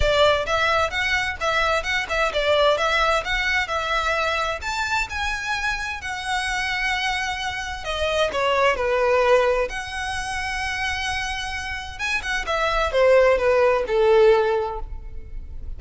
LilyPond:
\new Staff \with { instrumentName = "violin" } { \time 4/4 \tempo 4 = 130 d''4 e''4 fis''4 e''4 | fis''8 e''8 d''4 e''4 fis''4 | e''2 a''4 gis''4~ | gis''4 fis''2.~ |
fis''4 dis''4 cis''4 b'4~ | b'4 fis''2.~ | fis''2 gis''8 fis''8 e''4 | c''4 b'4 a'2 | }